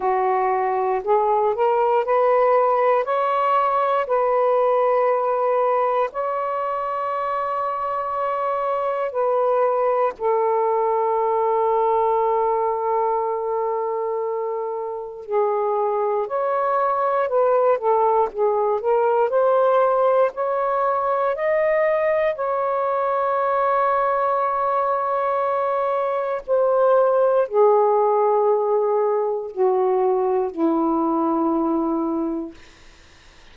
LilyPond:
\new Staff \with { instrumentName = "saxophone" } { \time 4/4 \tempo 4 = 59 fis'4 gis'8 ais'8 b'4 cis''4 | b'2 cis''2~ | cis''4 b'4 a'2~ | a'2. gis'4 |
cis''4 b'8 a'8 gis'8 ais'8 c''4 | cis''4 dis''4 cis''2~ | cis''2 c''4 gis'4~ | gis'4 fis'4 e'2 | }